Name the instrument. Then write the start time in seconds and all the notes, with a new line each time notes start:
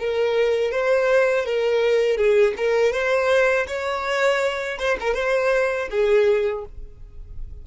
violin
0.00 A#4
0.72 C5
1.46 A#4
2.18 G#4
2.58 A#4
2.93 C5
3.68 C#5
4.79 C5
5.01 A#4
5.15 C5
5.91 G#4